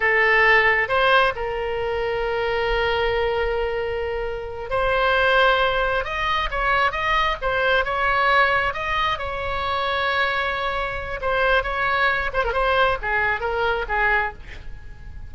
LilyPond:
\new Staff \with { instrumentName = "oboe" } { \time 4/4 \tempo 4 = 134 a'2 c''4 ais'4~ | ais'1~ | ais'2~ ais'8 c''4.~ | c''4. dis''4 cis''4 dis''8~ |
dis''8 c''4 cis''2 dis''8~ | dis''8 cis''2.~ cis''8~ | cis''4 c''4 cis''4. c''16 ais'16 | c''4 gis'4 ais'4 gis'4 | }